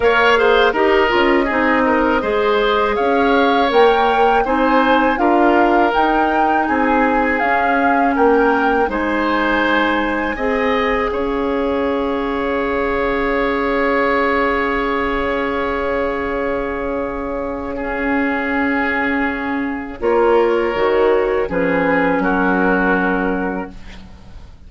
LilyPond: <<
  \new Staff \with { instrumentName = "flute" } { \time 4/4 \tempo 4 = 81 f''4 dis''2. | f''4 g''4 gis''4 f''4 | g''4 gis''4 f''4 g''4 | gis''2. f''4~ |
f''1~ | f''1~ | f''2. cis''4~ | cis''4 b'4 ais'2 | }
  \new Staff \with { instrumentName = "oboe" } { \time 4/4 cis''8 c''8 ais'4 gis'8 ais'8 c''4 | cis''2 c''4 ais'4~ | ais'4 gis'2 ais'4 | c''2 dis''4 cis''4~ |
cis''1~ | cis''1 | gis'2. ais'4~ | ais'4 gis'4 fis'2 | }
  \new Staff \with { instrumentName = "clarinet" } { \time 4/4 ais'8 gis'8 g'8 f'8 dis'4 gis'4~ | gis'4 ais'4 dis'4 f'4 | dis'2 cis'2 | dis'2 gis'2~ |
gis'1~ | gis'1 | cis'2. f'4 | fis'4 cis'2. | }
  \new Staff \with { instrumentName = "bassoon" } { \time 4/4 ais4 dis'8 cis'8 c'4 gis4 | cis'4 ais4 c'4 d'4 | dis'4 c'4 cis'4 ais4 | gis2 c'4 cis'4~ |
cis'1~ | cis'1~ | cis'2. ais4 | dis4 f4 fis2 | }
>>